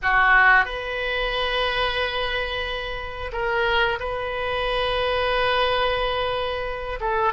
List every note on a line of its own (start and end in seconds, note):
0.02 0.65 F#4
0.65 3.32 B4
3.32 3.98 A#4
3.99 6.99 B4
7.00 7.33 A4